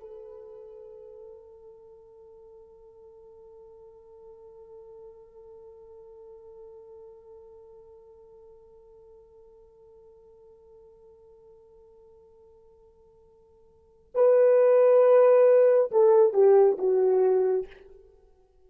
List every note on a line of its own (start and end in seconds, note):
0.00 14.12 A4
14.14 15.91 B4
15.91 16.33 A4
16.33 16.77 G4
16.78 17.66 F#4